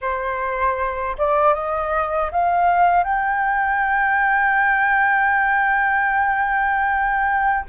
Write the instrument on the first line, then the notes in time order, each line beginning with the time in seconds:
flute
0.01 C5
1.18 D5
1.54 D#5
2.31 F5
3.03 G5